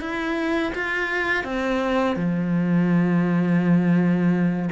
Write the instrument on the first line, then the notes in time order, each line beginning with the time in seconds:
cello
0.00 E4
0.75 F4
1.44 C4
2.16 F3